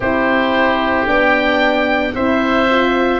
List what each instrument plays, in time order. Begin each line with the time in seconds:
0.00 tuba C4, horn E4, oboe G4 C5
1.07 tuba B3, horn D4, oboe G5
2.14 tuba C4, horn E4, oboe C5 E5
2.70 horn F4